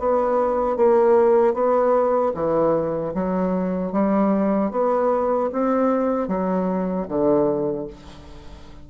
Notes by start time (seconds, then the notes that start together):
0.00 B3
0.77 A#3
1.54 B3
2.35 E3
3.14 F#3
3.93 G3
4.72 B3
5.53 C4
6.28 F#3
7.08 D3